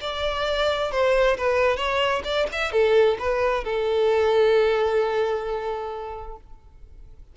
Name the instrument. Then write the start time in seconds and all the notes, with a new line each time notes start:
violin
0.00 D5
0.91 C5
1.37 B4
1.76 C#5
2.24 D5
2.52 E5
2.71 A4
3.19 B4
3.64 A4